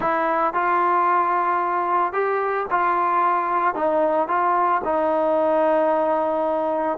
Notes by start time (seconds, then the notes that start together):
0.00 E4
0.53 F4
2.12 G4
2.70 F4
3.75 D#4
4.28 F4
4.84 D#4